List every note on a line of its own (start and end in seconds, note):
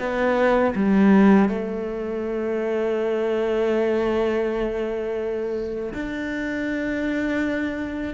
0.00 0.74 B3
0.75 1.49 G3
1.49 5.94 A3
5.94 8.14 D4